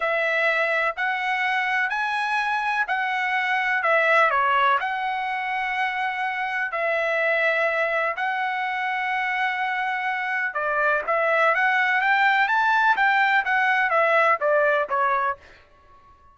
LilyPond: \new Staff \with { instrumentName = "trumpet" } { \time 4/4 \tempo 4 = 125 e''2 fis''2 | gis''2 fis''2 | e''4 cis''4 fis''2~ | fis''2 e''2~ |
e''4 fis''2.~ | fis''2 d''4 e''4 | fis''4 g''4 a''4 g''4 | fis''4 e''4 d''4 cis''4 | }